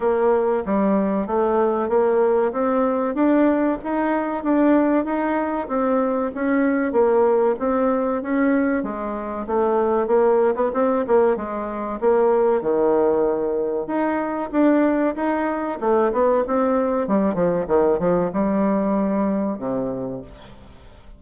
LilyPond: \new Staff \with { instrumentName = "bassoon" } { \time 4/4 \tempo 4 = 95 ais4 g4 a4 ais4 | c'4 d'4 dis'4 d'4 | dis'4 c'4 cis'4 ais4 | c'4 cis'4 gis4 a4 |
ais8. b16 c'8 ais8 gis4 ais4 | dis2 dis'4 d'4 | dis'4 a8 b8 c'4 g8 f8 | dis8 f8 g2 c4 | }